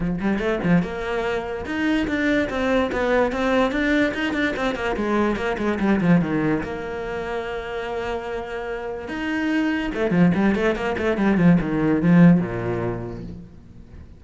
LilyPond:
\new Staff \with { instrumentName = "cello" } { \time 4/4 \tempo 4 = 145 f8 g8 a8 f8 ais2 | dis'4 d'4 c'4 b4 | c'4 d'4 dis'8 d'8 c'8 ais8 | gis4 ais8 gis8 g8 f8 dis4 |
ais1~ | ais2 dis'2 | a8 f8 g8 a8 ais8 a8 g8 f8 | dis4 f4 ais,2 | }